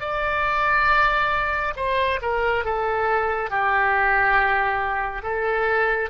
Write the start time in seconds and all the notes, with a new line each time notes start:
0.00 D5
1.76 C5
2.22 A#4
2.64 A4
3.50 G4
5.23 A4